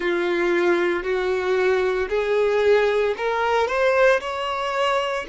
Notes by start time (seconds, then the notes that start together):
0.00 F4
1.03 F#4
2.09 G#4
3.17 A#4
3.67 C5
4.20 C#5